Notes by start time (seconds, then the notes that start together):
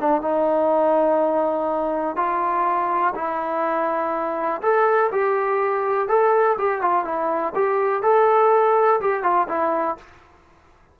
0.00 D4
0.22 D#4
2.17 F4
3.16 E4
4.62 A4
5.12 G4
6.09 A4
6.58 G4
6.82 F4
7.05 E4
7.55 G4
8.03 A4
9.01 G4
9.23 F4
9.49 E4